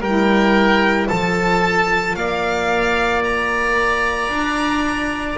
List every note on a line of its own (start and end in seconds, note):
0.00 1.07 G3
0.00 1.10 E4
0.00 1.07 A#4
0.00 1.08 G5
1.08 2.16 F3
1.08 5.37 F4
1.08 2.15 A4
1.08 2.15 A5
2.15 4.29 A#3
2.15 5.37 D5
2.15 3.22 F5
3.24 5.37 A#5
4.29 5.36 D4